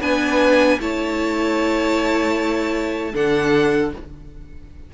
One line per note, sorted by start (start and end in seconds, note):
0.00 0.78 B3
0.00 0.79 D4
0.00 0.78 B4
0.00 0.79 G#5
0.79 3.13 A3
0.79 3.13 E4
0.79 3.12 C#5
0.79 3.14 A5
3.12 3.93 D3
3.12 3.91 D4
3.12 3.90 A4
3.12 3.93 F#5